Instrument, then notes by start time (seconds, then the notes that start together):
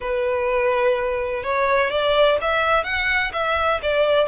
violin
0.00 B4
1.43 C#5
1.90 D5
2.41 E5
2.84 F#5
3.32 E5
3.82 D5